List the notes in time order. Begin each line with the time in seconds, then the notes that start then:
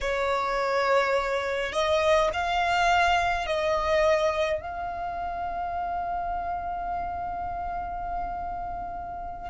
0.00 C#5
1.72 D#5
2.33 F5
3.46 D#5
4.60 F5